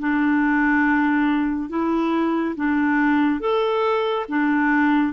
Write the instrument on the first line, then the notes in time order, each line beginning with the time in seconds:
clarinet
0.00 D4
1.69 E4
2.56 D4
3.41 A4
4.29 D4